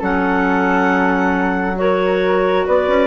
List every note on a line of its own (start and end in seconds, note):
0.00 2.67 F#3
0.00 1.76 C#4
0.00 1.76 A4
0.00 1.78 F#5
1.76 3.07 F#4
1.76 2.67 A#4
1.76 2.67 C#5
2.67 2.88 B3
2.67 3.07 B4
2.67 3.07 D5
2.88 3.07 C#4